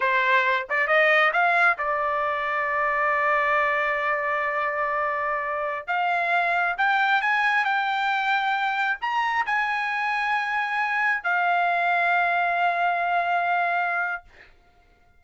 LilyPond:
\new Staff \with { instrumentName = "trumpet" } { \time 4/4 \tempo 4 = 135 c''4. d''8 dis''4 f''4 | d''1~ | d''1~ | d''4~ d''16 f''2 g''8.~ |
g''16 gis''4 g''2~ g''8.~ | g''16 ais''4 gis''2~ gis''8.~ | gis''4~ gis''16 f''2~ f''8.~ | f''1 | }